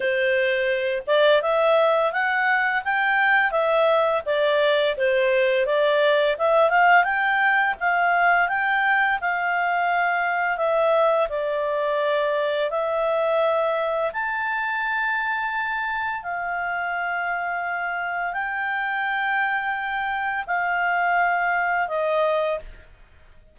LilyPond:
\new Staff \with { instrumentName = "clarinet" } { \time 4/4 \tempo 4 = 85 c''4. d''8 e''4 fis''4 | g''4 e''4 d''4 c''4 | d''4 e''8 f''8 g''4 f''4 | g''4 f''2 e''4 |
d''2 e''2 | a''2. f''4~ | f''2 g''2~ | g''4 f''2 dis''4 | }